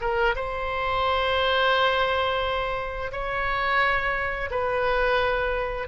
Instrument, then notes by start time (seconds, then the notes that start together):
oboe
0.00 A#4
0.35 C5
3.12 C#5
4.50 B4